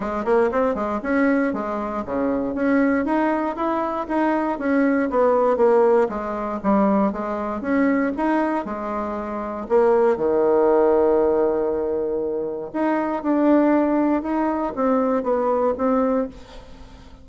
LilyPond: \new Staff \with { instrumentName = "bassoon" } { \time 4/4 \tempo 4 = 118 gis8 ais8 c'8 gis8 cis'4 gis4 | cis4 cis'4 dis'4 e'4 | dis'4 cis'4 b4 ais4 | gis4 g4 gis4 cis'4 |
dis'4 gis2 ais4 | dis1~ | dis4 dis'4 d'2 | dis'4 c'4 b4 c'4 | }